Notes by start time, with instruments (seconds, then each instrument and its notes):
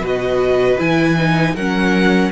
0.00 cello B2, viola F#4, violin B4
0.07 violin D#5
0.79 cello E3, viola E4, violin G#5
1.18 viola D#4
1.55 cello F#3, viola C#4, violin A#4 F#5